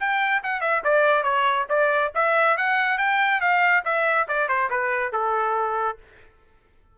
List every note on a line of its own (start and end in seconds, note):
0.00 0.43 G5
0.44 0.61 F#5
0.61 0.83 E5
0.84 1.24 D5
1.24 1.67 C#5
1.70 2.13 D5
2.15 2.58 E5
2.58 2.99 F#5
2.99 3.41 G5
3.41 3.84 F5
3.85 4.28 E5
4.28 4.49 D5
4.49 4.70 C5
4.71 5.13 B4
5.13 5.98 A4